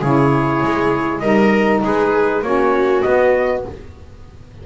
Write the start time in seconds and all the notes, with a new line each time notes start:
0.00 C#3 E4 G#4 C#5
0.62 G#3
1.20 G3 D#4 A#4 D#5
1.84 G#3 G#4 B4
2.42 A#3 C#4 F#4 C#5
3.02 B3 D#5